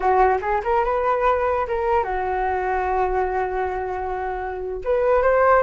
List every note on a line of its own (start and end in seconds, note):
0.00 0.38 F#4
0.41 0.61 G#4
0.64 0.84 A#4
0.84 1.66 B4
1.67 2.03 A#4
2.03 4.81 F#4
4.84 5.22 B4
5.22 5.62 C5